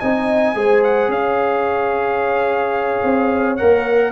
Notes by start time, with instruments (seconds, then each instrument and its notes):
0.00 tuba C4, trombone D#4, horn D#5, trumpet G#5
0.55 tuba G#3, trombone G#4, horn C5
0.84 trumpet F#5
1.08 tuba C#4, horn C#5, trumpet F5
3.04 tuba C4
3.57 tuba A#3, trombone A#4, trumpet F#5